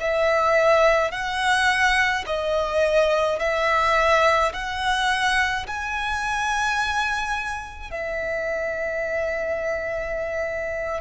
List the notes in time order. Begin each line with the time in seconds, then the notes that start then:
0.00 E5
1.11 F#5
2.26 D#5
3.39 E5
4.53 F#5
5.67 G#5
7.90 E5